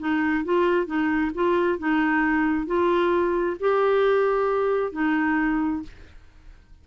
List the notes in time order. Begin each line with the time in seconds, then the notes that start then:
0.00 D#4
0.45 F4
0.87 D#4
1.35 F4
1.79 D#4
2.67 F4
3.60 G4
4.93 D#4